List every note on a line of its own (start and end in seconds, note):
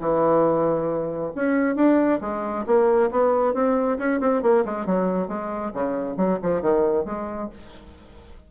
0.00 1.32 E3
1.35 1.75 C#4
1.75 2.20 D4
2.21 2.65 G#3
2.66 3.10 A#3
3.11 3.54 B3
3.54 3.98 C4
3.98 4.20 C#4
4.20 4.42 C4
4.42 4.64 A#3
4.65 4.86 G#3
4.86 5.28 F#3
5.28 5.72 G#3
5.73 6.16 C#3
6.16 6.39 F#3
6.42 6.62 F3
6.62 7.05 D#3
7.05 7.49 G#3